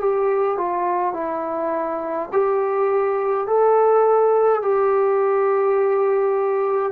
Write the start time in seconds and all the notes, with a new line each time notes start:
0.00 G4
0.57 F4
1.13 E4
2.32 G4
3.47 A4
4.62 G4